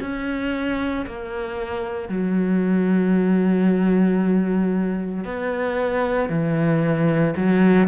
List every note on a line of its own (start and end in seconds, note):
0.00 1.05 C#4
1.06 2.09 A#3
2.09 5.24 F#3
5.24 6.29 B3
6.29 7.34 E3
7.36 7.87 F#3